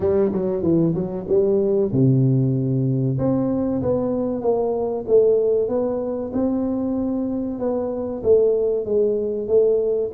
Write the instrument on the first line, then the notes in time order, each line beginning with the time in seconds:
tuba
0.00 G3
0.32 F#3
0.62 E3
0.94 F#3
1.28 G3
1.91 C3
3.18 C4
3.82 B3
4.41 A#3
5.07 A3
5.68 B3
6.33 C4
7.59 B3
8.23 A3
8.85 G#3
9.47 A3